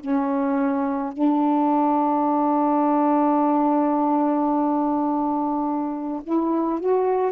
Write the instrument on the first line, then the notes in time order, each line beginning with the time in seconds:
saxophone
0.00 C#4
1.13 D4
6.23 E4
6.80 F#4